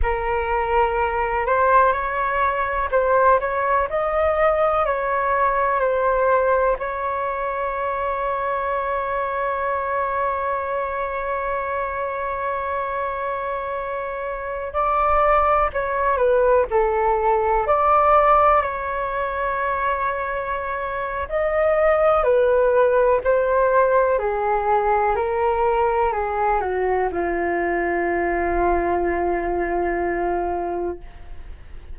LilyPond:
\new Staff \with { instrumentName = "flute" } { \time 4/4 \tempo 4 = 62 ais'4. c''8 cis''4 c''8 cis''8 | dis''4 cis''4 c''4 cis''4~ | cis''1~ | cis''2.~ cis''16 d''8.~ |
d''16 cis''8 b'8 a'4 d''4 cis''8.~ | cis''2 dis''4 b'4 | c''4 gis'4 ais'4 gis'8 fis'8 | f'1 | }